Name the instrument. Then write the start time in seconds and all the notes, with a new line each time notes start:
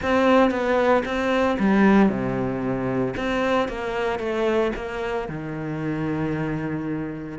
cello
0.02 C4
0.50 B3
1.05 C4
1.59 G3
2.09 C3
3.16 C4
3.68 A#3
4.19 A3
4.75 A#3
5.28 D#3